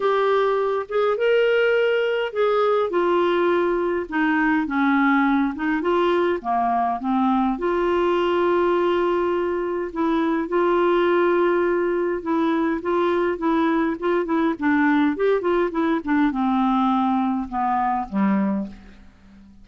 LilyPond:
\new Staff \with { instrumentName = "clarinet" } { \time 4/4 \tempo 4 = 103 g'4. gis'8 ais'2 | gis'4 f'2 dis'4 | cis'4. dis'8 f'4 ais4 | c'4 f'2.~ |
f'4 e'4 f'2~ | f'4 e'4 f'4 e'4 | f'8 e'8 d'4 g'8 f'8 e'8 d'8 | c'2 b4 g4 | }